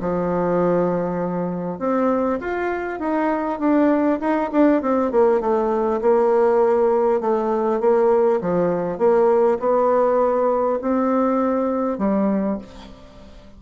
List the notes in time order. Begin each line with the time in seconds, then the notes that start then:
0.00 F3
1.79 C4
2.41 F4
2.99 D#4
3.59 D4
4.20 D#4
4.52 D4
4.82 C4
5.11 A#3
5.41 A3
6.01 A#3
7.21 A3
7.81 A#3
8.41 F3
8.98 A#3
9.59 B3
10.81 C4
11.98 G3